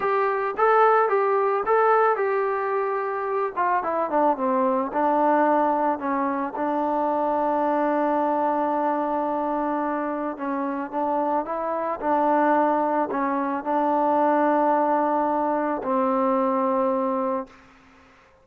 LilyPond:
\new Staff \with { instrumentName = "trombone" } { \time 4/4 \tempo 4 = 110 g'4 a'4 g'4 a'4 | g'2~ g'8 f'8 e'8 d'8 | c'4 d'2 cis'4 | d'1~ |
d'2. cis'4 | d'4 e'4 d'2 | cis'4 d'2.~ | d'4 c'2. | }